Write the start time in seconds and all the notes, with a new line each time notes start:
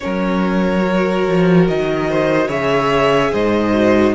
0.00 F#3 C#4 A#4 C#5
0.82 F#4
1.27 F3
1.67 D#3 D#5
2.09 C5
2.48 C#3 G#4 C#5 E5
3.31 G#2 C5 D#5
3.73 F#4